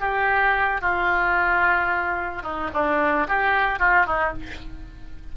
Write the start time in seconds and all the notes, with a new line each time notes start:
0.00 G4
0.81 F4
2.43 D#4
2.73 D4
3.28 G4
3.79 F4
4.06 D#4